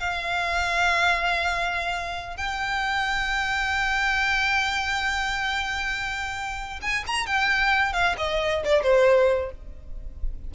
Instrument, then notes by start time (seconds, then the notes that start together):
violin
0.00 F5
2.37 G5
6.82 G#5
7.07 A#5
7.27 G5
7.93 F5
8.18 D#5
8.65 D5
8.83 C5